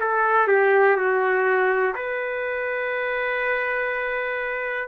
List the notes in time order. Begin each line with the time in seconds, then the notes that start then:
0.00 A4
0.48 G4
0.97 F#4
1.95 B4